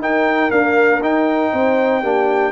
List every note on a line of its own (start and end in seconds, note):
0.00 0.50 D#4
0.00 0.51 D#4
0.00 1.52 A#4
0.00 0.51 G5
0.51 1.01 A#3
0.51 1.02 D4
0.51 1.02 F5
1.02 1.52 D#4
1.02 2.04 D#4
1.02 2.53 G5
1.52 2.03 C4
1.52 2.02 C5
2.02 2.53 A#3
2.02 2.53 D4
2.02 2.53 G4